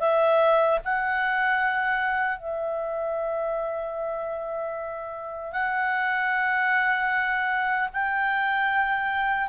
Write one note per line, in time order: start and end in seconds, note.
0.00 0.79 E5
0.84 2.38 F#5
2.38 5.52 E5
5.52 7.89 F#5
7.93 9.49 G5